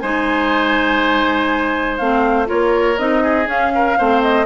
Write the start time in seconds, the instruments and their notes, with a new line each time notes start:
0.00 bassoon G#3, clarinet D#4, oboe C5, flute G#5
1.98 bassoon A3, clarinet C4, flute F5
2.46 bassoon A#3, clarinet F4, oboe A#4, flute C#5
2.98 bassoon C4, clarinet D#4, flute D#5
3.23 oboe G#4
3.46 clarinet C#4, bassoon C#4, flute F5
3.75 oboe A#4
3.98 bassoon A3, clarinet C4, oboe C5
4.22 flute D#5